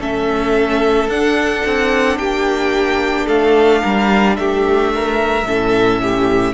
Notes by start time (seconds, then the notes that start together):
0.00 A3 C#4 A4 E5
1.07 D4 F#5
1.65 C4
2.17 A#3 G4 G5
3.26 A3 A4 F5
3.81 G3 A#4
4.36 A3 G4 E5
4.94 A#4
5.44 A2 C#4 A4
6.02 G4